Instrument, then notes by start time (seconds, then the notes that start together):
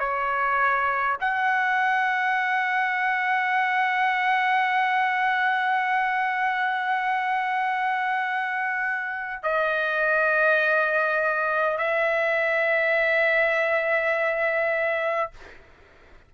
trumpet
0.00 C#5
1.21 F#5
9.43 D#5
11.79 E5